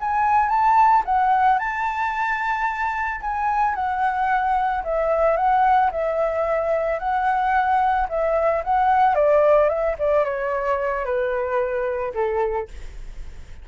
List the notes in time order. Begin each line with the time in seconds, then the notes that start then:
0.00 G#5
0.49 A5
1.05 F#5
1.58 A5
3.21 G#5
3.75 F#5
4.84 E5
5.37 F#5
5.91 E5
6.99 F#5
8.09 E5
8.64 F#5
9.15 D5
9.69 E5
9.98 D5
10.25 C#5
11.05 B4
12.14 A4